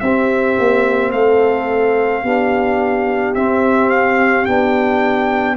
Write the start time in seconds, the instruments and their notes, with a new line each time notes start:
0.00 tuba C4, trombone C4, horn G4, trumpet E5
0.58 tuba A#3
1.12 tuba A3, horn A4, trumpet F5
2.23 tuba B3, trombone D4, horn G4
3.34 tuba C4, trombone C4, trumpet E5
3.90 trumpet F5
4.45 tuba B3, trombone D4, trumpet G5